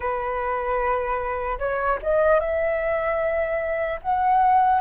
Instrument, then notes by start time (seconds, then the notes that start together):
flute
0.00 B4
1.58 C#5
2.02 D#5
2.40 E5
4.02 F#5